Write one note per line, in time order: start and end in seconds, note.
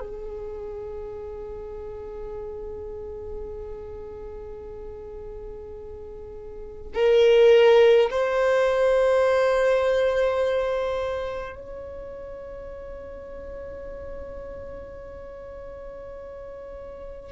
0.00 6.92 G#4
6.95 8.10 A#4
8.10 11.55 C5
11.55 17.32 C#5